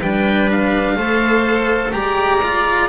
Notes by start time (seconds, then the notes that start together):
0.00 G3 D4 B4 G5
0.52 F5
0.96 A3 A4 C5
1.93 G#3 G4 D5 A#5
2.44 F4